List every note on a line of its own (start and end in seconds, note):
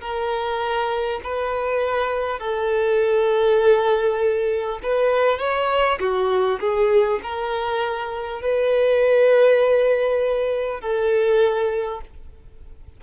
0.00 1.20 A#4
1.23 2.39 B4
2.39 4.79 A4
4.82 5.38 B4
5.38 5.98 C#5
5.99 6.59 F#4
6.59 7.19 G#4
7.22 8.41 A#4
8.41 10.81 B4
10.81 12.01 A4